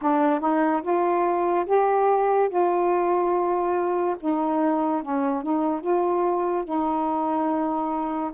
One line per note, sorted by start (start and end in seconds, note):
0.01 0.40 D4
0.40 0.81 D#4
0.82 1.65 F4
1.66 2.49 G4
2.49 4.16 F4
4.19 5.02 D#4
5.02 5.42 C#4
5.42 5.81 D#4
5.81 6.64 F4
6.64 8.31 D#4